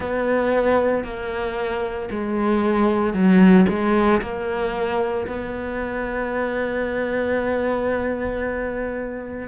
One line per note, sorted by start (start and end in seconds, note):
0.00 1.03 B3
1.03 2.09 A#3
2.11 3.13 G#3
3.13 3.66 F#3
3.68 4.21 G#3
4.21 5.26 A#3
5.27 9.47 B3